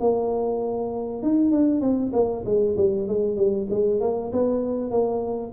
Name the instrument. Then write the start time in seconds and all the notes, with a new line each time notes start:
tuba
0.00 A#3
1.23 D#4
1.51 D4
1.81 C4
2.13 A#3
2.45 G#3
2.77 G3
3.08 G#3
3.36 G3
3.70 G#3
4.01 A#3
4.32 B3
4.91 A#3